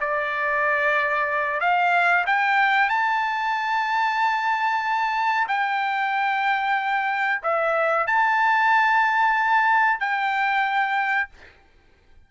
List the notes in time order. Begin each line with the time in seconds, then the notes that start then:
0.00 D5
1.60 F5
2.26 G5
2.89 A5
5.48 G5
7.43 E5
8.07 A5
10.00 G5